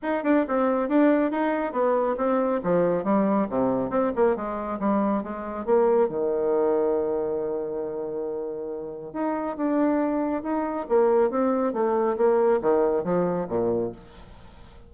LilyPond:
\new Staff \with { instrumentName = "bassoon" } { \time 4/4 \tempo 4 = 138 dis'8 d'8 c'4 d'4 dis'4 | b4 c'4 f4 g4 | c4 c'8 ais8 gis4 g4 | gis4 ais4 dis2~ |
dis1~ | dis4 dis'4 d'2 | dis'4 ais4 c'4 a4 | ais4 dis4 f4 ais,4 | }